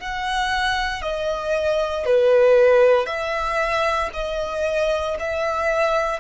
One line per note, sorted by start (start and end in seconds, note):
0.00 1.02 F#5
1.02 2.05 D#5
2.05 3.06 B4
3.06 4.10 E5
4.13 5.17 D#5
5.19 6.20 E5